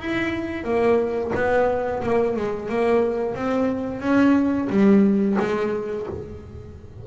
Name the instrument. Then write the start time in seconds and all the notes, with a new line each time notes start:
double bass
0.00 E4
0.64 A#3
1.35 B3
2.03 A#3
2.36 G#3
2.69 A#3
3.34 C4
4.00 C#4
4.69 G3
5.39 G#3